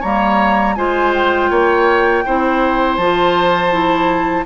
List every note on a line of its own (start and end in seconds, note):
0.00 0.77 G3
0.00 0.76 A#3
0.00 0.74 C#5
0.00 0.75 A#5
0.75 1.50 G#3
0.75 2.24 F4
0.75 1.50 C5
0.75 1.12 G#5
1.13 2.96 G5
1.50 2.24 A#3
1.50 2.24 C#5
2.25 2.97 C4
2.25 3.00 E4
2.25 4.46 C5
2.96 4.45 F3
2.96 3.71 F4
2.96 4.44 A5
3.71 4.45 E4